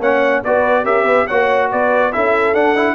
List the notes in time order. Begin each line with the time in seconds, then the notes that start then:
0.00 A#3 C#4 C#5 F#5
0.44 B3 F#4 B4 D5
0.84 C#4 G4 A#4 E5
1.04 B3 B4
1.28 A#3 F#4 C#5 F#5
1.72 B3 B4 D5
2.13 C#4 E4 A4 E5
2.54 D4 F#5
2.76 E4